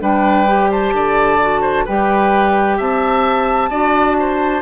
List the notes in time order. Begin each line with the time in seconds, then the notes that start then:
0.00 G3 D4 B4 G5
0.47 G4
0.70 C5 A5
0.93 D3 D5
1.41 F#4
1.61 C5
1.85 G3 G4 B4 G5
2.77 C4 E5 A5
3.70 D4 F#4 D5
4.19 C5